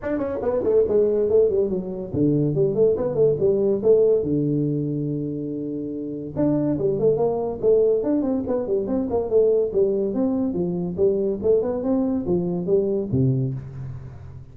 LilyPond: \new Staff \with { instrumentName = "tuba" } { \time 4/4 \tempo 4 = 142 d'8 cis'8 b8 a8 gis4 a8 g8 | fis4 d4 g8 a8 b8 a8 | g4 a4 d2~ | d2. d'4 |
g8 a8 ais4 a4 d'8 c'8 | b8 g8 c'8 ais8 a4 g4 | c'4 f4 g4 a8 b8 | c'4 f4 g4 c4 | }